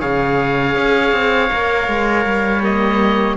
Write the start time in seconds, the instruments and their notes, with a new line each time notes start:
0.00 cello C#3, viola G#4, trumpet C#5, oboe F5
0.76 cello C#4
1.12 cello C4
1.52 cello A#3, viola A#4
1.88 cello G#3
2.25 cello G3
2.62 viola A#3, oboe D#5